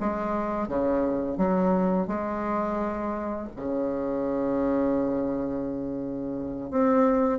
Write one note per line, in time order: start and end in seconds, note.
0.00 0.68 G#3
0.68 1.37 C#3
1.37 2.08 F#3
2.08 3.49 G#3
3.56 6.71 C#3
6.71 7.39 C4